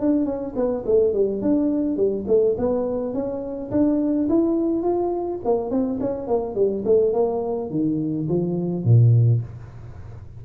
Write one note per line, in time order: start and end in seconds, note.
0.00 0.25 D4
0.25 0.54 C#4
0.56 0.84 B3
0.86 1.13 A3
1.13 1.42 G3
1.42 1.96 D4
1.96 2.25 G3
2.27 2.56 A3
2.58 3.14 B3
3.14 3.71 C#4
3.71 4.28 D4
4.29 4.83 E4
4.83 5.40 F4
5.44 5.70 A#3
5.70 5.99 C4
6.00 6.27 C#4
6.27 6.55 A#3
6.55 6.83 G3
6.85 7.13 A3
7.13 7.70 A#3
7.70 8.27 D#3
8.29 8.84 F3
8.84 9.41 A#2